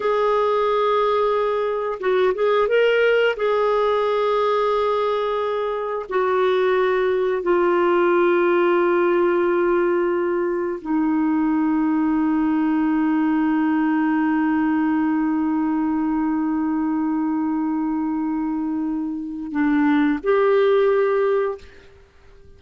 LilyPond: \new Staff \with { instrumentName = "clarinet" } { \time 4/4 \tempo 4 = 89 gis'2. fis'8 gis'8 | ais'4 gis'2.~ | gis'4 fis'2 f'4~ | f'1 |
dis'1~ | dis'1~ | dis'1~ | dis'4 d'4 g'2 | }